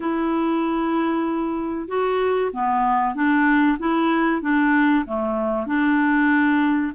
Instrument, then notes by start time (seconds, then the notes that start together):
clarinet
0.00 E4
1.88 F#4
2.52 B3
3.14 D4
3.78 E4
4.41 D4
5.06 A3
5.66 D4